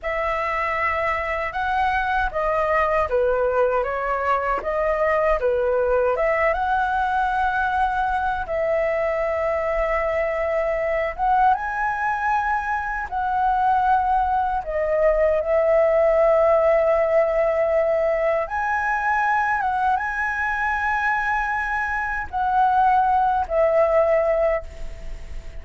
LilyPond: \new Staff \with { instrumentName = "flute" } { \time 4/4 \tempo 4 = 78 e''2 fis''4 dis''4 | b'4 cis''4 dis''4 b'4 | e''8 fis''2~ fis''8 e''4~ | e''2~ e''8 fis''8 gis''4~ |
gis''4 fis''2 dis''4 | e''1 | gis''4. fis''8 gis''2~ | gis''4 fis''4. e''4. | }